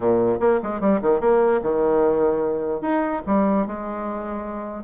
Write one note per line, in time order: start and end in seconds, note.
0.00 0.38 A#2
0.39 0.60 A#3
0.62 0.80 G#3
0.80 1.00 G3
1.01 1.20 D#3
1.20 1.61 A#3
1.62 2.81 D#3
2.81 3.21 D#4
3.26 3.66 G3
3.66 4.84 G#3